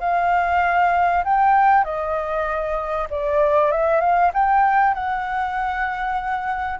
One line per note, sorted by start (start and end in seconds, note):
0.00 1.24 F5
1.24 1.84 G5
1.84 3.08 D#5
3.10 3.71 D5
3.71 4.01 E5
4.01 4.32 F5
4.34 4.94 G5
4.94 6.80 F#5